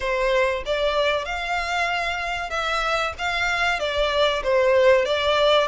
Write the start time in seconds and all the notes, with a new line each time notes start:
0.00 C5
0.65 D5
1.25 F5
2.50 E5
3.18 F5
3.79 D5
4.43 C5
5.05 D5